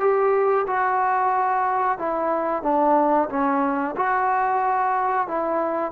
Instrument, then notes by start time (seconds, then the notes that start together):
trombone
0.00 G4
0.67 F#4
1.98 E4
2.63 D4
3.29 C#4
3.97 F#4
5.28 E4